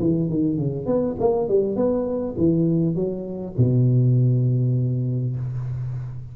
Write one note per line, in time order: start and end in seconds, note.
0.00 0.29 E3
0.29 0.58 D#3
0.58 0.86 C#3
0.86 1.16 B3
1.20 1.49 A#3
1.49 1.76 G3
1.76 2.36 B3
2.38 2.95 E3
2.95 3.55 F#3
3.58 5.37 B2